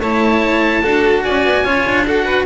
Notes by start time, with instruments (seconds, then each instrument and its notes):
0.00 double bass A3, cello E4, violin C#5, oboe A5
0.82 double bass D4, cello F#4, violin A4
1.24 double bass C#4, violin D5, oboe G#5
1.44 double bass B3
1.64 double bass C#4, cello F4, violin C#5
1.86 double bass D4
2.06 cello F#4, violin A4, oboe F#5
2.25 violin B4